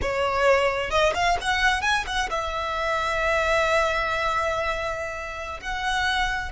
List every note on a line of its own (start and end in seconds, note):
0.01 0.90 C#5
0.90 1.13 D#5
1.14 1.37 F5
1.41 1.81 F#5
1.81 2.04 G#5
2.06 2.29 F#5
2.29 5.60 E5
5.60 6.52 F#5